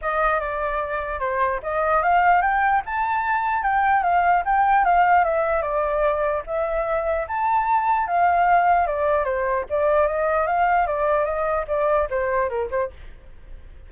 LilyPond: \new Staff \with { instrumentName = "flute" } { \time 4/4 \tempo 4 = 149 dis''4 d''2 c''4 | dis''4 f''4 g''4 a''4~ | a''4 g''4 f''4 g''4 | f''4 e''4 d''2 |
e''2 a''2 | f''2 d''4 c''4 | d''4 dis''4 f''4 d''4 | dis''4 d''4 c''4 ais'8 c''8 | }